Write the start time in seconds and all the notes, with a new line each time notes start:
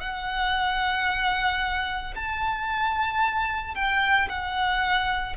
0.00 F#5
2.15 A5
3.75 G5
4.29 F#5